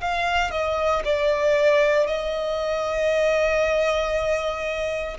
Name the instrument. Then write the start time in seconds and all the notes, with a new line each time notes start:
violin
0.00 F5
0.51 D#5
1.04 D5
2.07 D#5